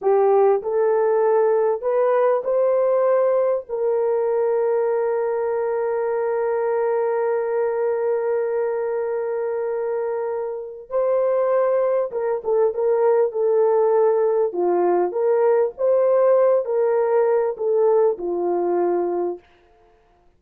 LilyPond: \new Staff \with { instrumentName = "horn" } { \time 4/4 \tempo 4 = 99 g'4 a'2 b'4 | c''2 ais'2~ | ais'1~ | ais'1~ |
ais'2 c''2 | ais'8 a'8 ais'4 a'2 | f'4 ais'4 c''4. ais'8~ | ais'4 a'4 f'2 | }